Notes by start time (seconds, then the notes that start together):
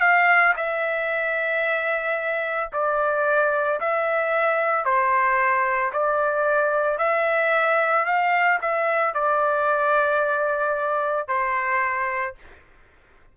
0.00 F5
0.56 E5
2.72 D5
3.80 E5
4.85 C5
5.92 D5
6.98 E5
8.05 F5
8.61 E5
9.14 D5
11.27 C5